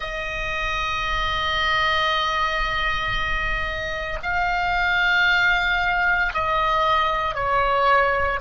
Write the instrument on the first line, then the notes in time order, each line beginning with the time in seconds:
oboe
0.00 D#5
4.22 F5
6.33 D#5
7.34 C#5